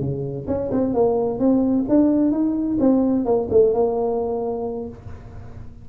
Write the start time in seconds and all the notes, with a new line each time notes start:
0.00 C#3
0.47 C#4
0.71 C4
0.94 A#3
1.39 C4
1.88 D4
2.31 D#4
2.80 C4
3.25 A#3
3.50 A3
3.73 A#3